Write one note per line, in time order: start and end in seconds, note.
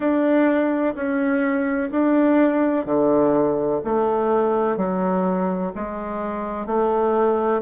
0.00 0.94 D4
0.95 1.90 C#4
1.90 2.85 D4
2.85 3.81 D3
3.84 4.77 A3
4.77 5.72 F#3
5.74 6.66 G#3
6.66 7.61 A3